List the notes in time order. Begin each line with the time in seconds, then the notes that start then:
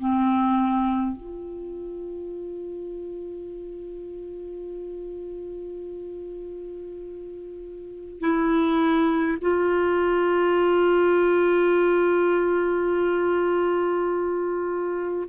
0.00 C4
1.17 F4
8.20 E4
9.41 F4